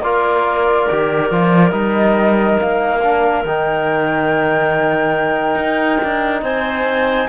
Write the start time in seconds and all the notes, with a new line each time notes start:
0.00 A#3 F4 A#4 D5
0.91 D#3 G4
1.31 F3 F4
1.71 G3 D#4 D#5
2.60 A#3 F5
3.02 D4
3.44 D#3 D#4 G5
5.55 D#4
6.04 D4
6.41 C4 C5 G#5